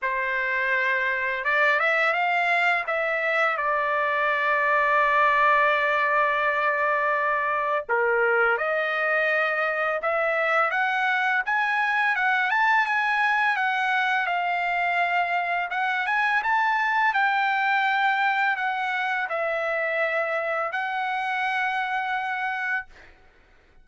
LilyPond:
\new Staff \with { instrumentName = "trumpet" } { \time 4/4 \tempo 4 = 84 c''2 d''8 e''8 f''4 | e''4 d''2.~ | d''2. ais'4 | dis''2 e''4 fis''4 |
gis''4 fis''8 a''8 gis''4 fis''4 | f''2 fis''8 gis''8 a''4 | g''2 fis''4 e''4~ | e''4 fis''2. | }